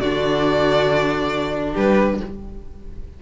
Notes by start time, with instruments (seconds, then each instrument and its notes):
0.00 cello D3, viola D4, violin F#4 D5
1.72 cello G3, violin G4 B4